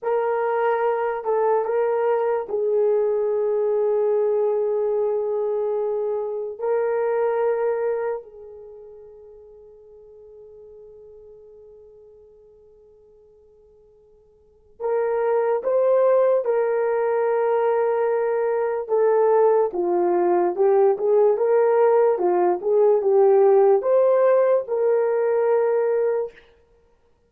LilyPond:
\new Staff \with { instrumentName = "horn" } { \time 4/4 \tempo 4 = 73 ais'4. a'8 ais'4 gis'4~ | gis'1 | ais'2 gis'2~ | gis'1~ |
gis'2 ais'4 c''4 | ais'2. a'4 | f'4 g'8 gis'8 ais'4 f'8 gis'8 | g'4 c''4 ais'2 | }